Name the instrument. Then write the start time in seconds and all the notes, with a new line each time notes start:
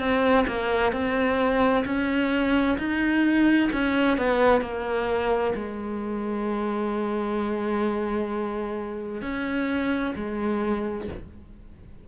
cello
0.00 C4
0.47 A#3
0.93 C4
1.85 C#4
2.78 D#4
3.73 C#4
4.18 B3
4.62 A#3
5.55 G#3
9.22 C#4
10.16 G#3